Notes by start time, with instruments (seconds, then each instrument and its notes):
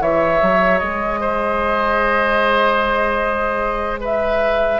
0.00 bassoon E3, clarinet G#4, oboe C#5, flute E5
0.41 bassoon F#3
0.78 bassoon G#3, flute D#5
1.20 oboe C5
4.00 oboe B4, flute E5